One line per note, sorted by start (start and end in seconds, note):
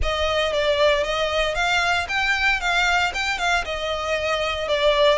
0.02 0.52 D#5
0.52 1.03 D5
1.03 1.54 D#5
1.54 2.07 F5
2.08 2.60 G5
2.60 3.12 F5
3.14 3.38 G5
3.38 3.64 F5
3.64 4.68 D#5
4.68 5.18 D5